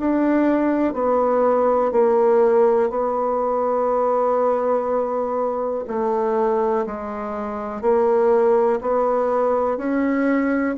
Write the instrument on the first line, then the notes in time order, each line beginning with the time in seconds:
bassoon
0.00 D4
0.94 B3
1.92 A#3
2.90 B3
5.88 A3
6.87 G#3
7.82 A#3
8.81 B3
9.78 C#4